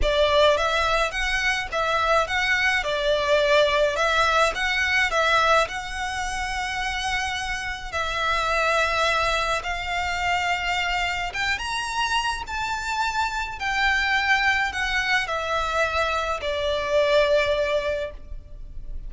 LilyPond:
\new Staff \with { instrumentName = "violin" } { \time 4/4 \tempo 4 = 106 d''4 e''4 fis''4 e''4 | fis''4 d''2 e''4 | fis''4 e''4 fis''2~ | fis''2 e''2~ |
e''4 f''2. | g''8 ais''4. a''2 | g''2 fis''4 e''4~ | e''4 d''2. | }